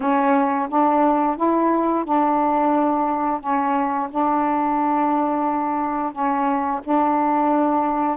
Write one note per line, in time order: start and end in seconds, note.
0.00 0.68 C#4
0.69 1.36 D4
1.36 2.04 E4
2.04 3.40 D4
3.40 4.08 C#4
4.10 6.12 D4
6.12 6.80 C#4
6.84 8.17 D4